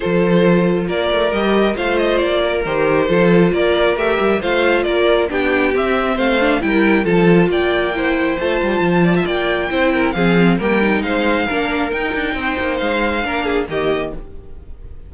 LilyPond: <<
  \new Staff \with { instrumentName = "violin" } { \time 4/4 \tempo 4 = 136 c''2 d''4 dis''4 | f''8 dis''8 d''4 c''2 | d''4 e''4 f''4 d''4 | g''4 e''4 f''4 g''4 |
a''4 g''2 a''4~ | a''4 g''2 f''4 | g''4 f''2 g''4~ | g''4 f''2 dis''4 | }
  \new Staff \with { instrumentName = "violin" } { \time 4/4 a'2 ais'2 | c''4. ais'4. a'4 | ais'2 c''4 ais'4 | g'2 c''4 ais'4 |
a'4 d''4 c''2~ | c''8 d''16 e''16 d''4 c''8 ais'8 gis'4 | ais'4 c''4 ais'2 | c''2 ais'8 gis'8 g'4 | }
  \new Staff \with { instrumentName = "viola" } { \time 4/4 f'2. g'4 | f'2 g'4 f'4~ | f'4 g'4 f'2 | d'4 c'4. d'8 e'4 |
f'2 e'4 f'4~ | f'2 e'4 c'4 | ais8 dis'4. d'4 dis'4~ | dis'2 d'4 ais4 | }
  \new Staff \with { instrumentName = "cello" } { \time 4/4 f2 ais8 a8 g4 | a4 ais4 dis4 f4 | ais4 a8 g8 a4 ais4 | b4 c'4 a4 g4 |
f4 ais2 a8 g8 | f4 ais4 c'4 f4 | g4 gis4 ais4 dis'8 d'8 | c'8 ais8 gis4 ais4 dis4 | }
>>